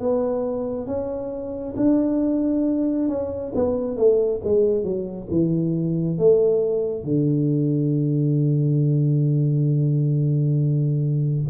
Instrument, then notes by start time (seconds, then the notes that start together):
tuba
0.00 B3
0.86 C#4
1.76 D4
3.08 C#4
3.55 B3
3.97 A3
4.44 G#3
4.84 F#3
5.31 E3
6.18 A3
7.04 D3